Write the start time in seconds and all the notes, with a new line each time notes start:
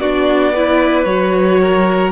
0.00 B3 D4 F#4 D5
0.54 E4 B4
1.04 F#3 F#4 C#5
1.61 A#4